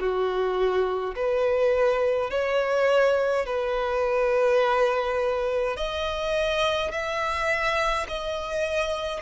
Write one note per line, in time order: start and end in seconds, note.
0.00 1.15 F#4
1.16 2.30 B4
2.30 3.46 C#5
3.46 5.76 B4
5.76 6.92 D#5
6.92 8.07 E5
8.08 9.23 D#5